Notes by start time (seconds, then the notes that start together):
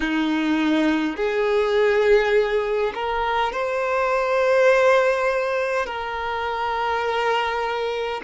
0.00 D#4
1.16 G#4
2.94 A#4
3.52 C5
5.86 A#4